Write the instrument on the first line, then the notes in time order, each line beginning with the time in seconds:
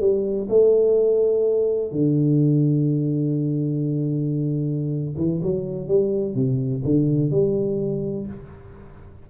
tuba
0.00 G3
0.49 A3
1.92 D3
5.17 E3
5.42 F#3
5.88 G3
6.35 C3
6.84 D3
7.31 G3